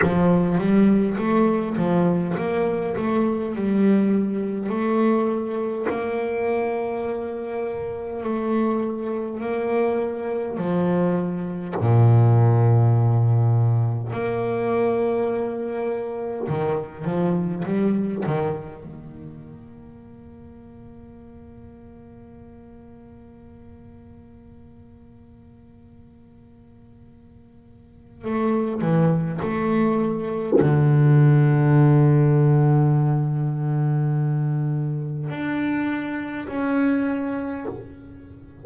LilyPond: \new Staff \with { instrumentName = "double bass" } { \time 4/4 \tempo 4 = 51 f8 g8 a8 f8 ais8 a8 g4 | a4 ais2 a4 | ais4 f4 ais,2 | ais2 dis8 f8 g8 dis8 |
ais1~ | ais1 | a8 e8 a4 d2~ | d2 d'4 cis'4 | }